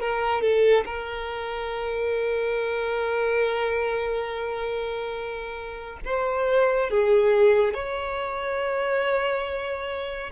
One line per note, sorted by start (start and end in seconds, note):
0.00 0.42 A#4
0.42 0.85 A4
0.86 6.00 A#4
6.05 6.90 C5
6.90 7.74 G#4
7.74 10.31 C#5